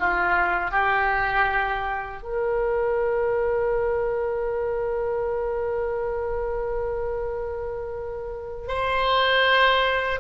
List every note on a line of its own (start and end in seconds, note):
0.00 0.71 F4
0.71 2.23 G4
2.23 8.68 A#4
8.68 10.20 C5